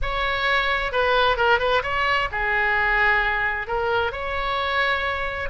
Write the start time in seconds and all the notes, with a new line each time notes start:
0.01 C#5
0.92 B4
1.36 A#4
1.59 B4
1.82 C#5
2.31 G#4
3.67 A#4
4.11 C#5